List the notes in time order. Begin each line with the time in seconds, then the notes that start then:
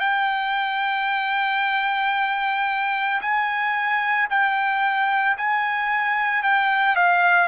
0.00 G5
3.22 G#5
4.31 G5
5.38 G#5
6.44 G5
6.96 F5